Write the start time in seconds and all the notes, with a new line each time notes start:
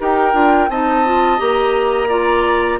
0.00 D#4 G4 A#4 G5
0.33 D4 F4
0.69 C4 D#4 D#5 A5
1.05 F4
1.38 A#3 G4 A#5
2.09 F4 D5